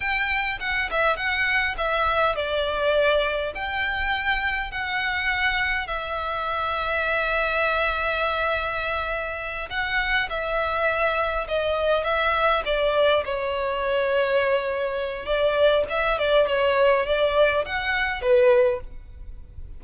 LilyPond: \new Staff \with { instrumentName = "violin" } { \time 4/4 \tempo 4 = 102 g''4 fis''8 e''8 fis''4 e''4 | d''2 g''2 | fis''2 e''2~ | e''1~ |
e''8 fis''4 e''2 dis''8~ | dis''8 e''4 d''4 cis''4.~ | cis''2 d''4 e''8 d''8 | cis''4 d''4 fis''4 b'4 | }